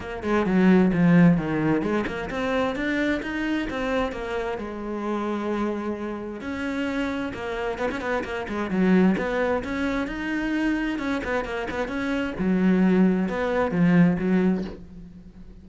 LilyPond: \new Staff \with { instrumentName = "cello" } { \time 4/4 \tempo 4 = 131 ais8 gis8 fis4 f4 dis4 | gis8 ais8 c'4 d'4 dis'4 | c'4 ais4 gis2~ | gis2 cis'2 |
ais4 b16 cis'16 b8 ais8 gis8 fis4 | b4 cis'4 dis'2 | cis'8 b8 ais8 b8 cis'4 fis4~ | fis4 b4 f4 fis4 | }